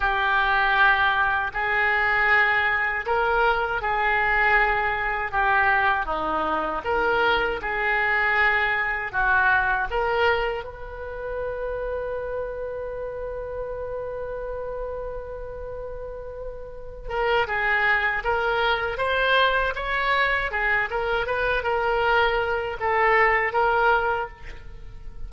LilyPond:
\new Staff \with { instrumentName = "oboe" } { \time 4/4 \tempo 4 = 79 g'2 gis'2 | ais'4 gis'2 g'4 | dis'4 ais'4 gis'2 | fis'4 ais'4 b'2~ |
b'1~ | b'2~ b'8 ais'8 gis'4 | ais'4 c''4 cis''4 gis'8 ais'8 | b'8 ais'4. a'4 ais'4 | }